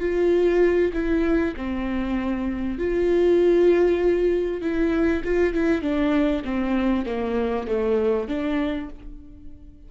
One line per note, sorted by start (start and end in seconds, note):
0.00 0.92 F4
0.93 1.54 E4
1.56 2.78 C4
2.78 4.61 F4
4.61 5.23 E4
5.24 5.54 F4
5.54 5.81 E4
5.81 6.43 D4
6.44 7.05 C4
7.06 7.67 A#3
7.67 8.28 A3
8.28 8.89 D4